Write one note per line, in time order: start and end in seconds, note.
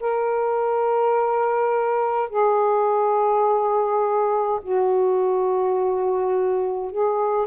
0.00 2.29 A#4
2.29 4.60 G#4
4.62 6.91 F#4
6.91 7.47 G#4